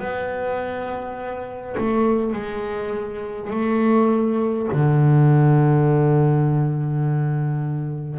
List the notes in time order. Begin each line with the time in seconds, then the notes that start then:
0.00 B3
1.78 A3
2.34 G#3
3.51 A3
4.73 D3